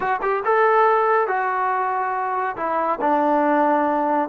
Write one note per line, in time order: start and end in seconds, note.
0.00 0.20 F#4
0.21 0.43 G4
0.44 1.27 A4
1.27 2.56 F#4
2.56 2.99 E4
3.01 4.29 D4